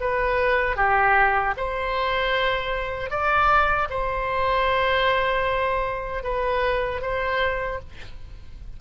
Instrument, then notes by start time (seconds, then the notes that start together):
oboe
0.00 B4
0.76 G4
1.57 C5
3.10 D5
3.90 C5
6.23 B4
7.01 C5